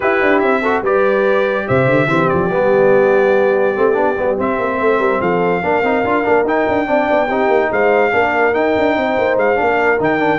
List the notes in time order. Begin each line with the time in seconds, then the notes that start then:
0.00 E4 G4 B4
0.21 D4
0.39 C4 E5
0.61 F#4 A4
0.81 G3 G4 B4 D5
1.67 C3 C5 E5
1.85 D3
2.06 E3 C4 G4
2.28 F3 D5
2.50 G3 B3
3.75 A3 C4
3.93 B3 D4
4.17 G3 B3
4.37 C4 E5
4.59 A#3
4.78 A3 C5
4.99 G3 A#4
5.21 F3 A4 F5
5.62 A#3 D4 A#4
5.83 C4 D#4
6.04 D4 F4
6.23 A#3 D4
6.44 D#4 G5
6.68 D4
6.86 C4 D4 D5
7.10 B3
7.27 C4 D#4 G4
7.48 A#3
7.71 G#3 C5 F5
8.11 A#3 D4 A#4
8.53 D#4 G5
8.78 D4
8.96 C4 C5
9.18 A#3
9.37 G#3 F5
9.55 A#3 D4 A#4
9.99 D#3 D#4 G5
10.19 D4